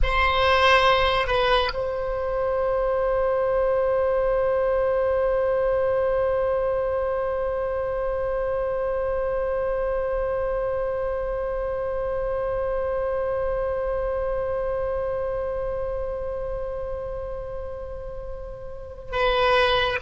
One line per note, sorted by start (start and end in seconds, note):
0.02 1.27 C5
1.27 1.70 B4
1.73 19.11 C5
19.11 19.98 B4